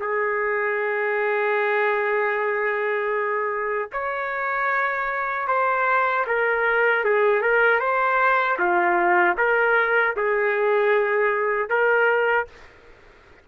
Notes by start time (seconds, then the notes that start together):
0.00 G#4
3.92 C#5
5.48 C5
6.27 A#4
7.04 G#4
7.42 A#4
7.80 C5
8.59 F4
9.38 A#4
10.17 G#4
11.70 A#4